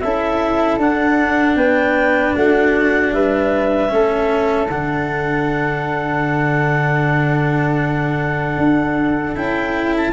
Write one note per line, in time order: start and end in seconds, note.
0.00 0.78 C#4
0.00 0.80 E4
0.00 1.57 A4
0.00 0.78 E5
0.78 1.56 D4
0.78 3.89 D4
0.78 1.56 F#5
1.56 2.33 B3
1.56 2.35 B4
1.56 2.34 G5
2.35 3.13 A3
2.35 3.13 F#4
2.35 3.12 F#5
3.12 3.91 G3
3.12 3.92 B4
3.12 4.68 E5
3.89 4.70 A3
3.89 4.67 C#4
3.89 10.13 A4
4.69 8.57 D3
4.69 9.35 D4
4.69 9.35 F#5
8.57 9.35 D4
9.35 10.13 C#4
9.35 10.13 E4
9.35 9.94 G5
9.97 10.13 A5